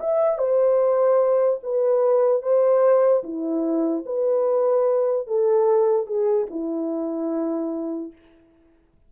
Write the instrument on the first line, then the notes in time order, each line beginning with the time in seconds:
horn
0.00 E5
0.38 C5
1.63 B4
2.42 C5
3.24 E4
4.06 B4
5.27 A4
6.07 G#4
6.50 E4